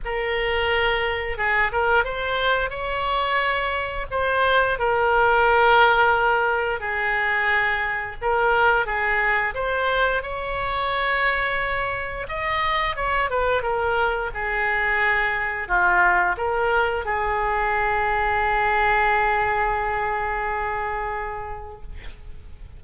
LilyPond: \new Staff \with { instrumentName = "oboe" } { \time 4/4 \tempo 4 = 88 ais'2 gis'8 ais'8 c''4 | cis''2 c''4 ais'4~ | ais'2 gis'2 | ais'4 gis'4 c''4 cis''4~ |
cis''2 dis''4 cis''8 b'8 | ais'4 gis'2 f'4 | ais'4 gis'2.~ | gis'1 | }